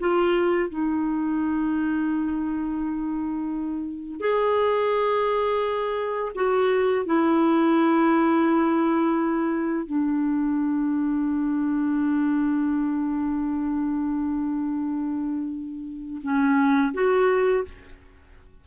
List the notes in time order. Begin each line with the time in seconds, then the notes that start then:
0.00 F4
0.69 D#4
4.21 G#4
6.35 F#4
7.06 E4
9.86 D4
16.23 C#4
16.94 F#4